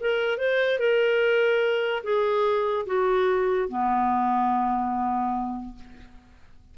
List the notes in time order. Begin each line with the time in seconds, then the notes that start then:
0.00 A#4
0.38 C5
0.79 A#4
2.03 G#4
2.86 F#4
3.69 B3